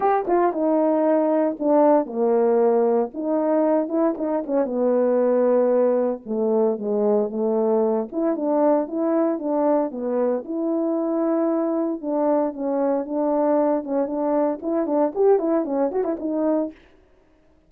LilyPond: \new Staff \with { instrumentName = "horn" } { \time 4/4 \tempo 4 = 115 g'8 f'8 dis'2 d'4 | ais2 dis'4. e'8 | dis'8 cis'8 b2. | a4 gis4 a4. e'8 |
d'4 e'4 d'4 b4 | e'2. d'4 | cis'4 d'4. cis'8 d'4 | e'8 d'8 g'8 e'8 cis'8 fis'16 e'16 dis'4 | }